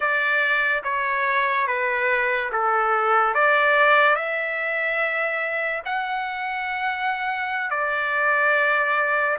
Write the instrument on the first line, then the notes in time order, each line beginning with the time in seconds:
trumpet
0.00 D5
0.83 C#5
1.67 B4
2.52 A4
3.34 D5
4.15 E5
5.85 F#5
7.70 D5